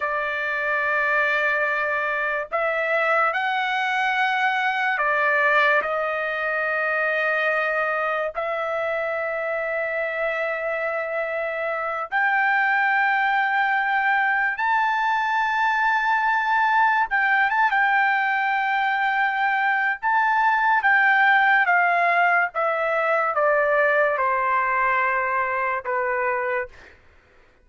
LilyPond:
\new Staff \with { instrumentName = "trumpet" } { \time 4/4 \tempo 4 = 72 d''2. e''4 | fis''2 d''4 dis''4~ | dis''2 e''2~ | e''2~ e''8 g''4.~ |
g''4. a''2~ a''8~ | a''8 g''8 a''16 g''2~ g''8. | a''4 g''4 f''4 e''4 | d''4 c''2 b'4 | }